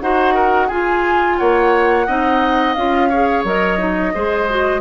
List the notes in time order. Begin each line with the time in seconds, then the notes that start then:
0.00 D#4 F#4 C5 F#5
0.34 A#4
0.68 F4 G#4 G#5
1.38 A#3 C#5 F#5
2.07 C4 D#4 D#5
2.74 C#4 F4 F5
3.09 G#4 C#5
3.45 F#3 A#4 D#5
3.78 D#4
4.14 G#3 G#4 C5
4.49 F#4